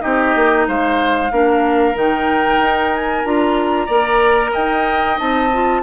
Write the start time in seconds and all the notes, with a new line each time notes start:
0.00 C4 D#4 G4 D#5
0.35 A#3
0.68 G#3 C5 F5
1.31 A#3 D4 A#4
1.95 D#3 D#4 G5
2.60 D#4
2.94 G#5
3.25 D4 F4 A#5
3.86 A#3 A#4 D5
4.52 D#4 D#5 G5
5.17 C4 D#4 A5
5.53 F4